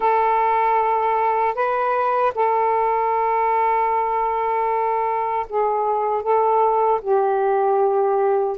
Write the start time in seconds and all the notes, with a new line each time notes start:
0.00 A4
1.54 B4
2.34 A4
5.49 G#4
6.22 A4
7.01 G4